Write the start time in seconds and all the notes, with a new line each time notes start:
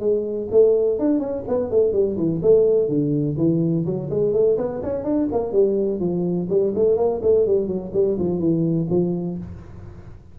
0.00 G#3
0.51 A3
0.99 D4
1.20 C#4
1.48 B3
1.71 A3
1.93 G3
2.18 E3
2.42 A3
2.89 D3
3.38 E3
3.86 F#3
4.11 G#3
4.34 A3
4.58 B3
4.83 C#4
5.04 D4
5.32 A#3
5.52 G3
6.00 F3
6.50 G3
6.75 A3
6.97 A#3
7.22 A3
7.47 G3
7.68 F#3
7.94 G3
8.19 F3
8.40 E3
8.90 F3